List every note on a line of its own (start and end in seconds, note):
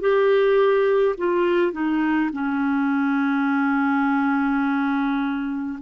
0.00 1.15 G4
1.17 1.72 F4
1.72 2.30 D#4
2.32 5.78 C#4